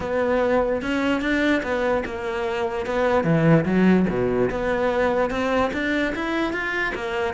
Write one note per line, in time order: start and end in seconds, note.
0.00 0.82 B3
0.82 1.21 C#4
1.21 1.62 D4
1.62 2.03 B3
2.05 2.86 A#3
2.86 3.24 B3
3.24 3.64 E3
3.65 4.06 F#3
4.09 4.50 B2
4.50 5.30 B3
5.30 5.71 C4
5.73 6.14 D4
6.15 6.52 E4
6.52 6.93 F4
6.94 7.33 A#3